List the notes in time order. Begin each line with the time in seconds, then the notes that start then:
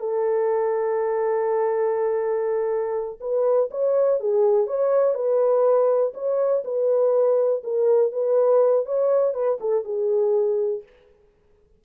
0.00 A4
3.21 B4
3.71 C#5
4.20 G#4
4.67 C#5
5.15 B4
6.14 C#5
6.64 B4
7.64 A#4
8.12 B4
8.86 C#5
9.34 B4
9.61 A4
9.85 G#4